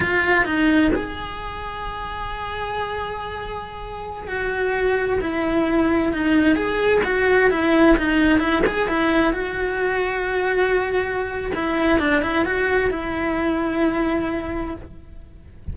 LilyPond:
\new Staff \with { instrumentName = "cello" } { \time 4/4 \tempo 4 = 130 f'4 dis'4 gis'2~ | gis'1~ | gis'4~ gis'16 fis'2 e'8.~ | e'4~ e'16 dis'4 gis'4 fis'8.~ |
fis'16 e'4 dis'4 e'8 gis'8 e'8.~ | e'16 fis'2.~ fis'8.~ | fis'4 e'4 d'8 e'8 fis'4 | e'1 | }